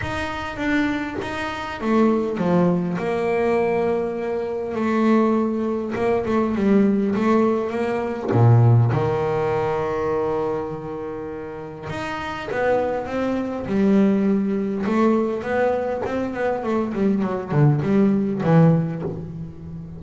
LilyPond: \new Staff \with { instrumentName = "double bass" } { \time 4/4 \tempo 4 = 101 dis'4 d'4 dis'4 a4 | f4 ais2. | a2 ais8 a8 g4 | a4 ais4 ais,4 dis4~ |
dis1 | dis'4 b4 c'4 g4~ | g4 a4 b4 c'8 b8 | a8 g8 fis8 d8 g4 e4 | }